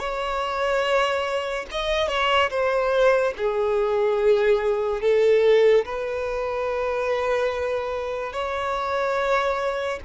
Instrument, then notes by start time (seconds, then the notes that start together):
violin
0.00 C#5
1.72 D#5
2.08 C#5
2.51 C5
3.38 G#4
5.02 A4
5.86 B4
8.33 C#5